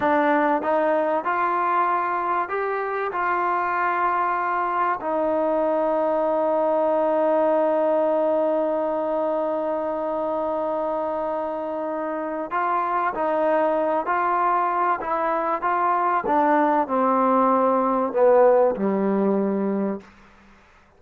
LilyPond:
\new Staff \with { instrumentName = "trombone" } { \time 4/4 \tempo 4 = 96 d'4 dis'4 f'2 | g'4 f'2. | dis'1~ | dis'1~ |
dis'1 | f'4 dis'4. f'4. | e'4 f'4 d'4 c'4~ | c'4 b4 g2 | }